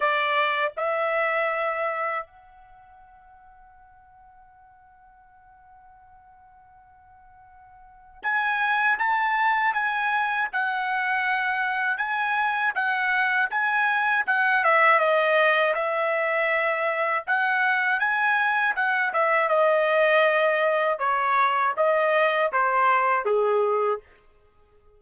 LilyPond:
\new Staff \with { instrumentName = "trumpet" } { \time 4/4 \tempo 4 = 80 d''4 e''2 fis''4~ | fis''1~ | fis''2. gis''4 | a''4 gis''4 fis''2 |
gis''4 fis''4 gis''4 fis''8 e''8 | dis''4 e''2 fis''4 | gis''4 fis''8 e''8 dis''2 | cis''4 dis''4 c''4 gis'4 | }